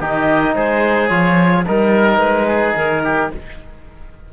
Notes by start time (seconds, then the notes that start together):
0.00 D#3 D#4 G4 D#5
0.55 G#3 G#4 C5
1.08 F3 F4 C#5
1.67 G3 D#4 A#4
2.18 G#3 B4
2.47 G#4
2.76 D#3 A#4
3.04 G4